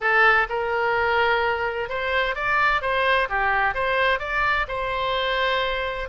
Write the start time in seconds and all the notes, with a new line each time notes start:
0.00 A4
0.49 A#4
1.89 C5
2.35 D5
2.81 C5
3.29 G4
3.74 C5
4.19 D5
4.67 C5